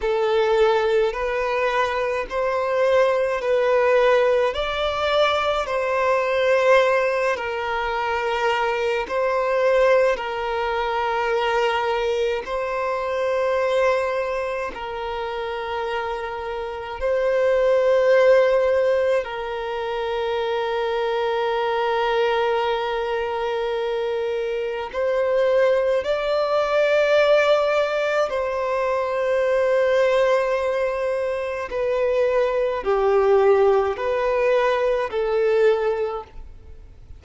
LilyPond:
\new Staff \with { instrumentName = "violin" } { \time 4/4 \tempo 4 = 53 a'4 b'4 c''4 b'4 | d''4 c''4. ais'4. | c''4 ais'2 c''4~ | c''4 ais'2 c''4~ |
c''4 ais'2.~ | ais'2 c''4 d''4~ | d''4 c''2. | b'4 g'4 b'4 a'4 | }